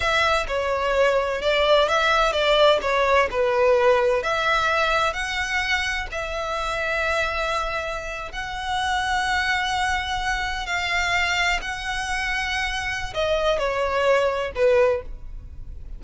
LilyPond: \new Staff \with { instrumentName = "violin" } { \time 4/4 \tempo 4 = 128 e''4 cis''2 d''4 | e''4 d''4 cis''4 b'4~ | b'4 e''2 fis''4~ | fis''4 e''2.~ |
e''4.~ e''16 fis''2~ fis''16~ | fis''2~ fis''8. f''4~ f''16~ | f''8. fis''2.~ fis''16 | dis''4 cis''2 b'4 | }